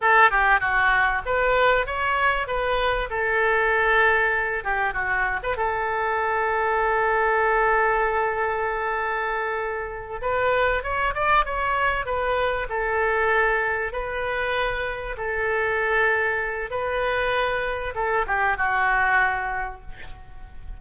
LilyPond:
\new Staff \with { instrumentName = "oboe" } { \time 4/4 \tempo 4 = 97 a'8 g'8 fis'4 b'4 cis''4 | b'4 a'2~ a'8 g'8 | fis'8. b'16 a'2.~ | a'1~ |
a'8 b'4 cis''8 d''8 cis''4 b'8~ | b'8 a'2 b'4.~ | b'8 a'2~ a'8 b'4~ | b'4 a'8 g'8 fis'2 | }